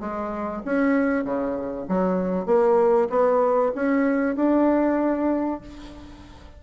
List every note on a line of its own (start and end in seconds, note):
0.00 0.62 G#3
0.65 1.24 C#4
1.24 1.87 C#3
1.89 2.46 F#3
2.46 3.09 A#3
3.10 3.72 B3
3.75 4.36 C#4
4.36 5.61 D4